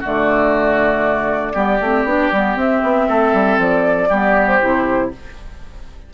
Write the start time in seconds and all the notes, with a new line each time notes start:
0.00 D3 A3 F#4 D5
1.53 G3 B3 G4
1.80 A3 C4
2.03 B3 D4
2.32 G3 B3
2.56 C4 E5
2.82 B3
3.08 A3 A4
3.33 G3
3.58 F3 D5
4.08 G3 B3 G4
4.47 C5
4.60 C3 E4